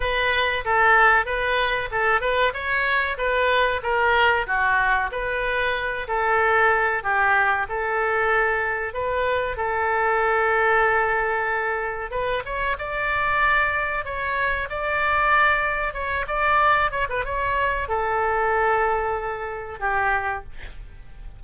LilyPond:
\new Staff \with { instrumentName = "oboe" } { \time 4/4 \tempo 4 = 94 b'4 a'4 b'4 a'8 b'8 | cis''4 b'4 ais'4 fis'4 | b'4. a'4. g'4 | a'2 b'4 a'4~ |
a'2. b'8 cis''8 | d''2 cis''4 d''4~ | d''4 cis''8 d''4 cis''16 b'16 cis''4 | a'2. g'4 | }